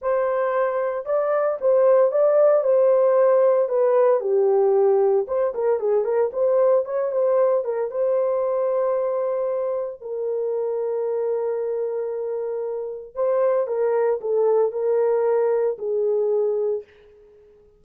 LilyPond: \new Staff \with { instrumentName = "horn" } { \time 4/4 \tempo 4 = 114 c''2 d''4 c''4 | d''4 c''2 b'4 | g'2 c''8 ais'8 gis'8 ais'8 | c''4 cis''8 c''4 ais'8 c''4~ |
c''2. ais'4~ | ais'1~ | ais'4 c''4 ais'4 a'4 | ais'2 gis'2 | }